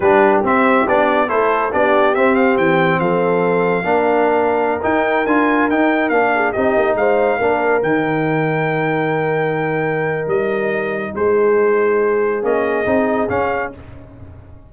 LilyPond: <<
  \new Staff \with { instrumentName = "trumpet" } { \time 4/4 \tempo 4 = 140 b'4 e''4 d''4 c''4 | d''4 e''8 f''8 g''4 f''4~ | f''2.~ f''16 g''8.~ | g''16 gis''4 g''4 f''4 dis''8.~ |
dis''16 f''2 g''4.~ g''16~ | g''1 | dis''2 c''2~ | c''4 dis''2 f''4 | }
  \new Staff \with { instrumentName = "horn" } { \time 4/4 g'2. a'4 | g'2. a'4~ | a'4 ais'2.~ | ais'2~ ais'8. gis'8 g'8.~ |
g'16 c''4 ais'2~ ais'8.~ | ais'1~ | ais'2 gis'2~ | gis'1 | }
  \new Staff \with { instrumentName = "trombone" } { \time 4/4 d'4 c'4 d'4 e'4 | d'4 c'2.~ | c'4 d'2~ d'16 dis'8.~ | dis'16 f'4 dis'4 d'4 dis'8.~ |
dis'4~ dis'16 d'4 dis'4.~ dis'16~ | dis'1~ | dis'1~ | dis'4 cis'4 dis'4 cis'4 | }
  \new Staff \with { instrumentName = "tuba" } { \time 4/4 g4 c'4 b4 a4 | b4 c'4 e4 f4~ | f4 ais2~ ais16 dis'8.~ | dis'16 d'4 dis'4 ais4 c'8 ais16~ |
ais16 gis4 ais4 dis4.~ dis16~ | dis1 | g2 gis2~ | gis4 ais4 c'4 cis'4 | }
>>